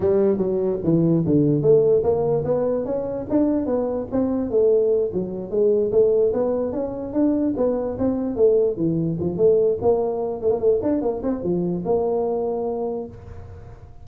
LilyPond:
\new Staff \with { instrumentName = "tuba" } { \time 4/4 \tempo 4 = 147 g4 fis4 e4 d4 | a4 ais4 b4 cis'4 | d'4 b4 c'4 a4~ | a8 fis4 gis4 a4 b8~ |
b8 cis'4 d'4 b4 c'8~ | c'8 a4 e4 f8 a4 | ais4. a16 ais16 a8 d'8 ais8 c'8 | f4 ais2. | }